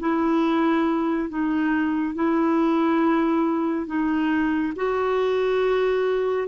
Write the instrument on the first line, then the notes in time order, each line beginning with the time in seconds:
clarinet
0.00 E4
1.29 D#4
2.15 E4
3.86 D#4
4.76 F#4